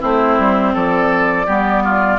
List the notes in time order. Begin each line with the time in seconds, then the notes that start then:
0.00 A3 C4 E4 C5
0.38 G3
0.74 F3 A4 D5
1.46 G3 B3 G4
1.84 F4